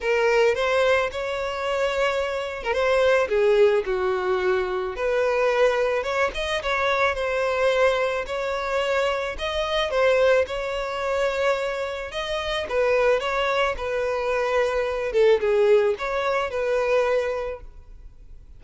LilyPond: \new Staff \with { instrumentName = "violin" } { \time 4/4 \tempo 4 = 109 ais'4 c''4 cis''2~ | cis''8. ais'16 c''4 gis'4 fis'4~ | fis'4 b'2 cis''8 dis''8 | cis''4 c''2 cis''4~ |
cis''4 dis''4 c''4 cis''4~ | cis''2 dis''4 b'4 | cis''4 b'2~ b'8 a'8 | gis'4 cis''4 b'2 | }